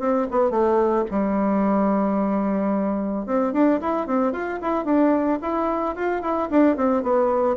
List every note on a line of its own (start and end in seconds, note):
0.00 0.27 C4
0.31 0.51 B3
0.51 1.05 A3
1.11 3.27 G3
3.27 3.53 C4
3.53 3.80 D4
3.81 4.07 E4
4.07 4.33 C4
4.33 4.60 F4
4.62 4.85 E4
4.85 5.39 D4
5.42 5.96 E4
5.96 6.22 F4
6.22 6.49 E4
6.51 6.77 D4
6.77 7.03 C4
7.03 7.57 B3